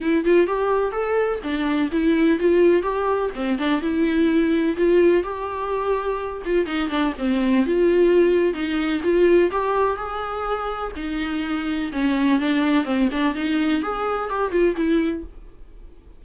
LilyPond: \new Staff \with { instrumentName = "viola" } { \time 4/4 \tempo 4 = 126 e'8 f'8 g'4 a'4 d'4 | e'4 f'4 g'4 c'8 d'8 | e'2 f'4 g'4~ | g'4. f'8 dis'8 d'8 c'4 |
f'2 dis'4 f'4 | g'4 gis'2 dis'4~ | dis'4 cis'4 d'4 c'8 d'8 | dis'4 gis'4 g'8 f'8 e'4 | }